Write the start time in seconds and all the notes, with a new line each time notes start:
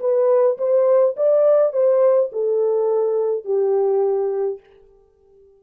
0.00 B4
0.58 C5
1.17 D5
1.73 C5
2.33 A4
3.45 G4